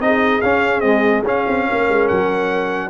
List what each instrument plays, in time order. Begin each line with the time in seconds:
0.00 tuba C4, trombone D#4, horn G#4, trumpet D#5
0.42 tuba C#4, trombone C#4, trumpet F5
0.81 trombone G#3, tuba C4, trumpet D#5
1.25 tuba C#4, trombone C#4, trumpet F5
1.48 tuba C4
1.69 tuba A#3, horn A#4
1.89 tuba G#3
2.08 tuba F#3, trumpet F#5